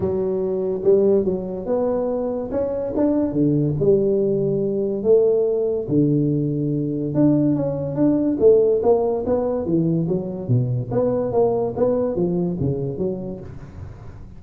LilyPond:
\new Staff \with { instrumentName = "tuba" } { \time 4/4 \tempo 4 = 143 fis2 g4 fis4 | b2 cis'4 d'4 | d4 g2. | a2 d2~ |
d4 d'4 cis'4 d'4 | a4 ais4 b4 e4 | fis4 b,4 b4 ais4 | b4 f4 cis4 fis4 | }